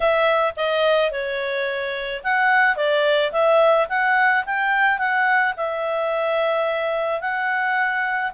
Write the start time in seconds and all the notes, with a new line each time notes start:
0.00 E5
0.56 D#5
1.11 C#5
2.23 F#5
2.76 D5
3.32 E5
3.88 F#5
4.45 G5
4.98 F#5
5.56 E5
7.20 F#5